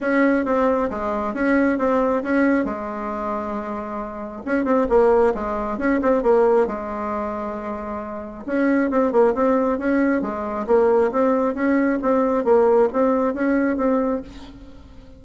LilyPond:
\new Staff \with { instrumentName = "bassoon" } { \time 4/4 \tempo 4 = 135 cis'4 c'4 gis4 cis'4 | c'4 cis'4 gis2~ | gis2 cis'8 c'8 ais4 | gis4 cis'8 c'8 ais4 gis4~ |
gis2. cis'4 | c'8 ais8 c'4 cis'4 gis4 | ais4 c'4 cis'4 c'4 | ais4 c'4 cis'4 c'4 | }